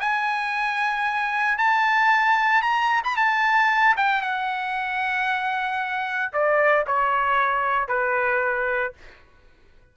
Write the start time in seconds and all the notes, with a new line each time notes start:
0.00 G#5
1.58 A5
2.62 A#5
3.04 B5
3.17 A5
3.97 G5
4.22 F#5
6.33 D5
6.87 C#5
7.88 B4